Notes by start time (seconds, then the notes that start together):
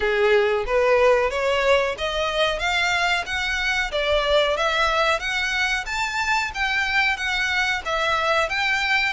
0.00 G#4
0.66 B4
1.30 C#5
1.97 D#5
2.59 F5
3.25 F#5
3.91 D5
4.57 E5
5.19 F#5
5.86 A5
6.54 G5
7.17 F#5
7.85 E5
8.49 G5